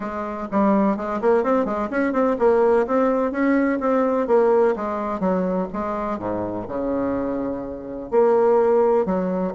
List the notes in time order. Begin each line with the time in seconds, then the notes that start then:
0.00 G#3
0.51 G3
0.96 G#3
1.21 A#3
1.43 C4
1.65 G#3
1.90 C#4
2.12 C4
2.38 A#3
2.86 C4
3.31 C#4
3.80 C4
4.27 A#3
4.76 G#3
5.19 F#3
5.73 G#3
6.18 G#2
6.68 C#3
8.10 A#3
9.05 F#3